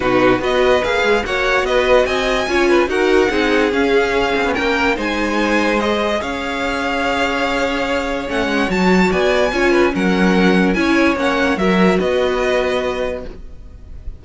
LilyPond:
<<
  \new Staff \with { instrumentName = "violin" } { \time 4/4 \tempo 4 = 145 b'4 dis''4 f''4 fis''4 | dis''4 gis''2 fis''4~ | fis''4 f''2 g''4 | gis''2 dis''4 f''4~ |
f''1 | fis''4 a''4 gis''2 | fis''2 gis''4 fis''4 | e''4 dis''2. | }
  \new Staff \with { instrumentName = "violin" } { \time 4/4 fis'4 b'2 cis''4 | b'4 dis''4 cis''8 b'8 ais'4 | gis'2. ais'4 | c''2. cis''4~ |
cis''1~ | cis''2 d''4 cis''8 b'8 | ais'2 cis''2 | ais'4 b'2. | }
  \new Staff \with { instrumentName = "viola" } { \time 4/4 dis'4 fis'4 gis'4 fis'4~ | fis'2 f'4 fis'4 | dis'4 cis'2. | dis'2 gis'2~ |
gis'1 | cis'4 fis'2 f'4 | cis'2 e'4 cis'4 | fis'1 | }
  \new Staff \with { instrumentName = "cello" } { \time 4/4 b,4 b4 ais8 gis8 ais4 | b4 c'4 cis'4 dis'4 | c'4 cis'4. c'16 b16 ais4 | gis2. cis'4~ |
cis'1 | a8 gis8 fis4 b4 cis'4 | fis2 cis'4 ais4 | fis4 b2. | }
>>